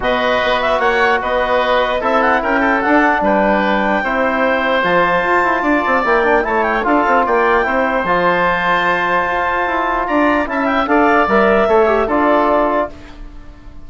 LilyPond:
<<
  \new Staff \with { instrumentName = "clarinet" } { \time 4/4 \tempo 4 = 149 dis''4. e''8 fis''4 dis''4~ | dis''4 e''8 fis''8 g''4 fis''4 | g''1 | a''2. g''4 |
a''8 g''8 f''4 g''2 | a''1~ | a''4 ais''4 a''8 g''8 f''4 | e''2 d''2 | }
  \new Staff \with { instrumentName = "oboe" } { \time 4/4 b'2 cis''4 b'4~ | b'4 a'4 ais'8 a'4. | b'2 c''2~ | c''2 d''2 |
cis''4 a'4 d''4 c''4~ | c''1~ | c''4 d''4 e''4 d''4~ | d''4 cis''4 a'2 | }
  \new Staff \with { instrumentName = "trombone" } { \time 4/4 fis'1~ | fis'4 e'2 d'4~ | d'2 e'2 | f'2. e'8 d'8 |
e'4 f'2 e'4 | f'1~ | f'2 e'4 a'4 | ais'4 a'8 g'8 f'2 | }
  \new Staff \with { instrumentName = "bassoon" } { \time 4/4 b,4 b4 ais4 b4~ | b4 c'4 cis'4 d'4 | g2 c'2 | f4 f'8 e'8 d'8 c'8 ais4 |
a4 d'8 c'8 ais4 c'4 | f2. f'4 | e'4 d'4 cis'4 d'4 | g4 a4 d'2 | }
>>